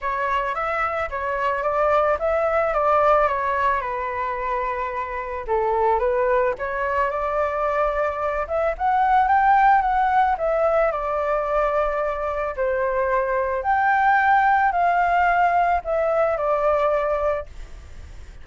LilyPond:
\new Staff \with { instrumentName = "flute" } { \time 4/4 \tempo 4 = 110 cis''4 e''4 cis''4 d''4 | e''4 d''4 cis''4 b'4~ | b'2 a'4 b'4 | cis''4 d''2~ d''8 e''8 |
fis''4 g''4 fis''4 e''4 | d''2. c''4~ | c''4 g''2 f''4~ | f''4 e''4 d''2 | }